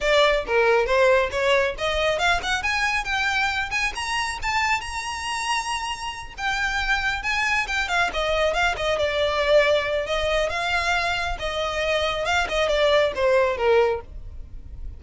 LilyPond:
\new Staff \with { instrumentName = "violin" } { \time 4/4 \tempo 4 = 137 d''4 ais'4 c''4 cis''4 | dis''4 f''8 fis''8 gis''4 g''4~ | g''8 gis''8 ais''4 a''4 ais''4~ | ais''2~ ais''8 g''4.~ |
g''8 gis''4 g''8 f''8 dis''4 f''8 | dis''8 d''2~ d''8 dis''4 | f''2 dis''2 | f''8 dis''8 d''4 c''4 ais'4 | }